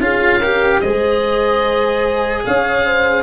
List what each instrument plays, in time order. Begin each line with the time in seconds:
0.00 tuba C#4, cello F4, horn G#4, oboe F5
0.40 cello G4, horn A#4
0.81 tuba G#3, cello G#4, horn C5, oboe D#5
2.46 tuba C#4, horn C#5, oboe F5
2.86 horn C5